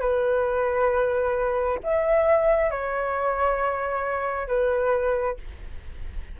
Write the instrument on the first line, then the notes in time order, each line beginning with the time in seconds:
flute
0.00 B4
1.83 E5
2.71 C#5
4.47 B4